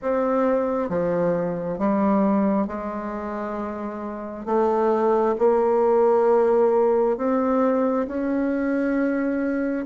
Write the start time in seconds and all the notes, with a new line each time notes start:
0.02 C4
0.89 F3
1.78 G3
2.67 G#3
4.45 A3
5.38 A#3
7.17 C4
8.07 C#4